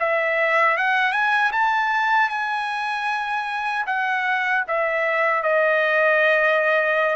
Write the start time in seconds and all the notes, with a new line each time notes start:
0.00 E5
0.78 F#5
1.13 G#5
1.52 A5
2.30 G#5
3.87 F#5
4.68 E5
5.43 D#5